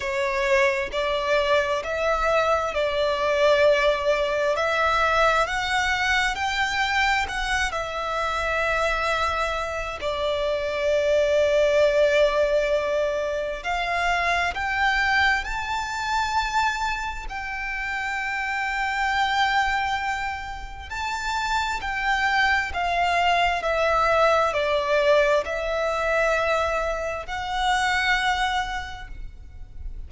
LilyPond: \new Staff \with { instrumentName = "violin" } { \time 4/4 \tempo 4 = 66 cis''4 d''4 e''4 d''4~ | d''4 e''4 fis''4 g''4 | fis''8 e''2~ e''8 d''4~ | d''2. f''4 |
g''4 a''2 g''4~ | g''2. a''4 | g''4 f''4 e''4 d''4 | e''2 fis''2 | }